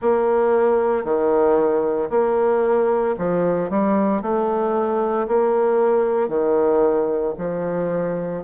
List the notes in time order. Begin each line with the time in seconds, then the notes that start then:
0.01 A#3
1.04 D#3
2.10 A#3
3.18 F3
3.70 G3
4.22 A3
5.27 A#3
6.28 D#3
7.38 F3